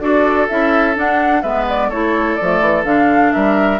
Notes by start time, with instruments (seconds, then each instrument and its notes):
0.00 bassoon D4, clarinet F#4, oboe A4, flute D5
0.48 bassoon C#4, clarinet E4, flute E5
0.95 clarinet D4, bassoon D4, flute F#5
1.42 bassoon G#3, clarinet B3, oboe B4, flute E5
1.69 flute D5
1.88 bassoon A3, clarinet E4, oboe A4, flute C#5
2.35 bassoon F3, flute D5
2.41 clarinet A3
2.60 bassoon E3
2.84 bassoon D3, clarinet D4, flute F5
3.32 bassoon G3, oboe A#4, flute E5